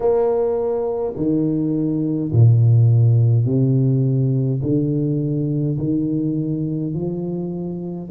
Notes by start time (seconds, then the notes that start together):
0.00 A#3
1.16 D#3
2.32 A#2
3.45 C3
4.62 D3
5.78 D#3
6.94 F3